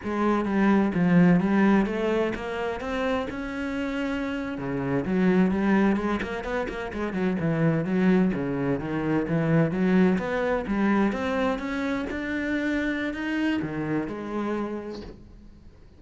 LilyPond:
\new Staff \with { instrumentName = "cello" } { \time 4/4 \tempo 4 = 128 gis4 g4 f4 g4 | a4 ais4 c'4 cis'4~ | cis'4.~ cis'16 cis4 fis4 g16~ | g8. gis8 ais8 b8 ais8 gis8 fis8 e16~ |
e8. fis4 cis4 dis4 e16~ | e8. fis4 b4 g4 c'16~ | c'8. cis'4 d'2~ d'16 | dis'4 dis4 gis2 | }